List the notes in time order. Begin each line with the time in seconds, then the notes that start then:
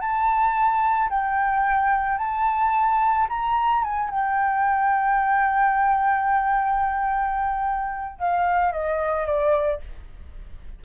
0.00 A5
1.09 G5
2.18 A5
3.29 A#5
3.83 G#5
4.09 G5
8.18 F5
8.72 D#5
9.26 D5